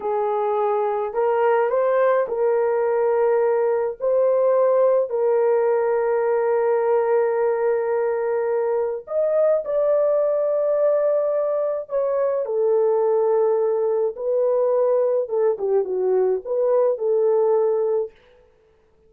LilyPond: \new Staff \with { instrumentName = "horn" } { \time 4/4 \tempo 4 = 106 gis'2 ais'4 c''4 | ais'2. c''4~ | c''4 ais'2.~ | ais'1 |
dis''4 d''2.~ | d''4 cis''4 a'2~ | a'4 b'2 a'8 g'8 | fis'4 b'4 a'2 | }